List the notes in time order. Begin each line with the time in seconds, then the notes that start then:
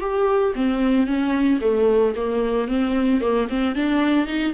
0.00 G4
0.55 C4
1.06 C#4
1.61 A3
2.16 A#3
2.68 C4
3.21 A#3
3.49 C4
3.76 D4
4.27 D#4